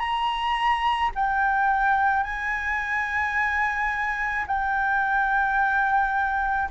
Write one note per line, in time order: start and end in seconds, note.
0.00 1.11 A#5
1.16 2.24 G5
2.24 4.46 G#5
4.47 6.70 G5